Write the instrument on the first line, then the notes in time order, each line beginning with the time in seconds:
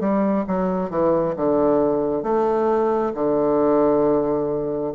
bassoon
0.00 G3
0.47 F#3
0.90 E3
1.36 D3
2.23 A3
3.15 D3